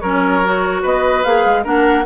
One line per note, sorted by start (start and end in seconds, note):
0.00 0.83 F#3
0.00 0.44 C#4
0.00 0.82 A#4
0.00 0.81 C#5
0.44 1.25 F#4
0.82 1.24 B3
0.82 1.63 B4
0.82 1.24 D#5
1.24 1.45 A#3
1.24 1.64 G#4
1.24 1.64 F5
1.45 1.65 G#3
1.64 2.06 A#3
1.64 2.04 D4
1.64 2.04 A#4
1.64 2.06 F#5